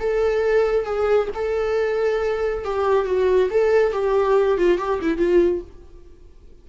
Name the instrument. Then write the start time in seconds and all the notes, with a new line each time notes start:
viola
0.00 A4
0.86 G#4
1.35 A4
2.65 G4
3.06 F#4
3.51 A4
3.93 G4
4.58 F4
4.78 G4
5.02 E4
5.18 F4